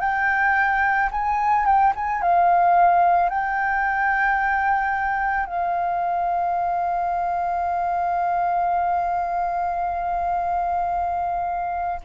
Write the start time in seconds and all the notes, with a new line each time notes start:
0.00 G5
1.11 G#5
1.66 G5
1.95 G#5
2.22 F5
3.29 G5
5.45 F5